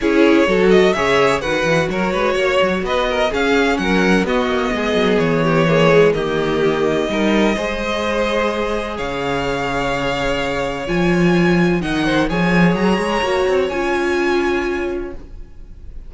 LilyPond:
<<
  \new Staff \with { instrumentName = "violin" } { \time 4/4 \tempo 4 = 127 cis''4. dis''8 e''4 fis''4 | cis''2 dis''4 f''4 | fis''4 dis''2 cis''4~ | cis''4 dis''2.~ |
dis''2. f''4~ | f''2. gis''4~ | gis''4 fis''4 gis''4 ais''4~ | ais''4 gis''2. | }
  \new Staff \with { instrumentName = "violin" } { \time 4/4 gis'4 a'4 cis''4 b'4 | ais'8 b'8 cis''4 b'8 ais'8 gis'4 | ais'4 fis'4 gis'4. g'8 | gis'4 g'2 ais'4 |
c''2. cis''4~ | cis''1~ | cis''4 dis''8 c''8 cis''2~ | cis''1 | }
  \new Staff \with { instrumentName = "viola" } { \time 4/4 e'4 fis'4 gis'4 fis'4~ | fis'2. cis'4~ | cis'4 b2. | ais8 gis8 ais2 dis'4 |
gis'1~ | gis'2. f'4~ | f'4 dis'4 gis'2 | fis'4 f'2. | }
  \new Staff \with { instrumentName = "cello" } { \time 4/4 cis'4 fis4 cis4 dis8 e8 | fis8 gis8 ais8 fis8 b4 cis'4 | fis4 b8 ais8 gis8 fis8 e4~ | e4 dis2 g4 |
gis2. cis4~ | cis2. f4~ | f4 dis4 f4 fis8 gis8 | ais8 c'8 cis'2. | }
>>